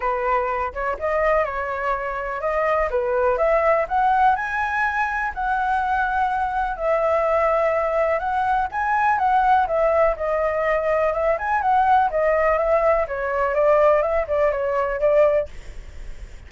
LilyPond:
\new Staff \with { instrumentName = "flute" } { \time 4/4 \tempo 4 = 124 b'4. cis''8 dis''4 cis''4~ | cis''4 dis''4 b'4 e''4 | fis''4 gis''2 fis''4~ | fis''2 e''2~ |
e''4 fis''4 gis''4 fis''4 | e''4 dis''2 e''8 gis''8 | fis''4 dis''4 e''4 cis''4 | d''4 e''8 d''8 cis''4 d''4 | }